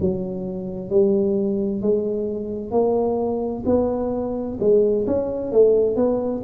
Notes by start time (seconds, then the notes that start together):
0.00 F#3
0.90 G3
1.81 G#3
2.71 A#3
3.65 B3
4.59 G#3
5.06 C#4
5.52 A3
5.96 B3